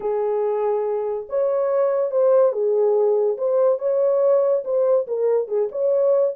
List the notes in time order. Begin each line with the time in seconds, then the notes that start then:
0.00 G#4
1.29 C#5
2.11 C5
2.52 G#4
3.37 C5
3.78 C#5
4.64 C5
5.07 A#4
5.48 G#4
5.71 C#5